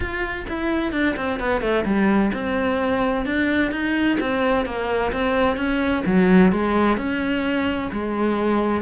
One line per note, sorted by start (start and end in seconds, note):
0.00 0.46 F4
0.48 0.92 E4
0.92 1.15 D4
1.16 1.39 C4
1.39 1.61 B3
1.61 1.84 A3
1.85 2.31 G3
2.33 3.25 C4
3.25 3.71 D4
3.71 4.18 D#4
4.20 4.65 C4
4.65 5.12 A#3
5.12 5.56 C4
5.56 6.03 C#4
6.05 6.51 F#3
6.51 6.97 G#3
6.97 7.90 C#4
7.92 8.81 G#3